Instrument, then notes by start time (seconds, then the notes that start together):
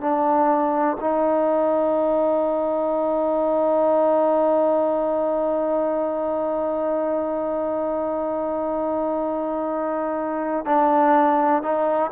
trombone
0.00 D4
1.00 D#4
10.65 D4
11.62 D#4